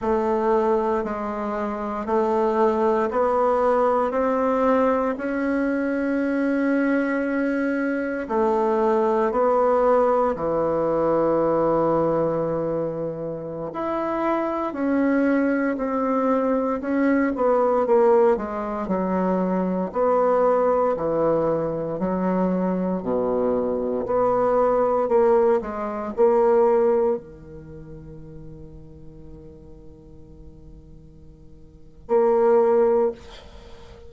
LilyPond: \new Staff \with { instrumentName = "bassoon" } { \time 4/4 \tempo 4 = 58 a4 gis4 a4 b4 | c'4 cis'2. | a4 b4 e2~ | e4~ e16 e'4 cis'4 c'8.~ |
c'16 cis'8 b8 ais8 gis8 fis4 b8.~ | b16 e4 fis4 b,4 b8.~ | b16 ais8 gis8 ais4 dis4.~ dis16~ | dis2. ais4 | }